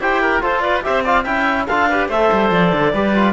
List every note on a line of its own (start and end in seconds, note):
0.00 0.42 E4
0.00 0.41 G4
0.00 0.22 C5
0.00 0.43 G5
0.22 0.43 A#4
0.41 0.83 F4
0.41 0.85 F4
0.41 0.63 A4
0.41 0.61 C5
0.61 0.84 B4
0.61 0.82 D5
0.83 1.26 C4
0.83 1.04 G4
0.83 1.04 C5
0.83 1.05 E5
1.04 1.27 F4
1.04 1.24 D5
1.04 1.24 F5
1.24 1.68 C#4
1.24 1.69 E4
1.24 1.66 E5
1.24 1.66 G5
1.67 2.09 D4
1.67 1.91 F4
1.67 1.89 A4
1.67 2.09 F5
1.89 2.13 G4
1.89 2.09 B4
2.09 2.30 A3
2.09 2.94 A4
2.09 2.93 C5
2.09 2.52 E5
2.33 2.51 G3
2.51 2.72 F3
2.51 3.34 D5
2.73 2.94 D3
2.94 3.34 G3
2.94 3.15 G4
2.94 3.34 B4
3.16 3.34 F4